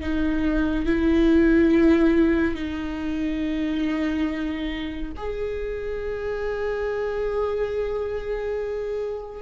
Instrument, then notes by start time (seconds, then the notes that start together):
viola
0.00 D#4
0.85 E4
2.55 D#4
5.17 G#4